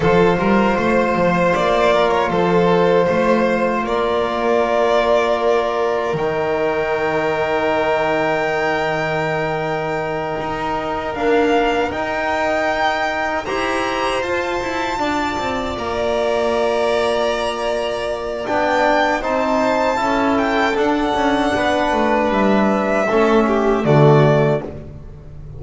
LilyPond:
<<
  \new Staff \with { instrumentName = "violin" } { \time 4/4 \tempo 4 = 78 c''2 d''8. cis''16 c''4~ | c''4 d''2. | g''1~ | g''2~ g''8 f''4 g''8~ |
g''4. ais''4 a''4.~ | a''8 ais''2.~ ais''8 | g''4 a''4. g''8 fis''4~ | fis''4 e''2 d''4 | }
  \new Staff \with { instrumentName = "violin" } { \time 4/4 a'8 ais'8 c''4. ais'8 a'4 | c''4 ais'2.~ | ais'1~ | ais'1~ |
ais'4. c''2 d''8~ | d''1~ | d''4 c''4 a'2 | b'2 a'8 g'8 fis'4 | }
  \new Staff \with { instrumentName = "trombone" } { \time 4/4 f'1~ | f'1 | dis'1~ | dis'2~ dis'8 ais4 dis'8~ |
dis'4. g'4 f'4.~ | f'1 | d'4 dis'4 e'4 d'4~ | d'2 cis'4 a4 | }
  \new Staff \with { instrumentName = "double bass" } { \time 4/4 f8 g8 a8 f8 ais4 f4 | a4 ais2. | dis1~ | dis4. dis'4 d'4 dis'8~ |
dis'4. e'4 f'8 e'8 d'8 | c'8 ais2.~ ais8 | b4 c'4 cis'4 d'8 cis'8 | b8 a8 g4 a4 d4 | }
>>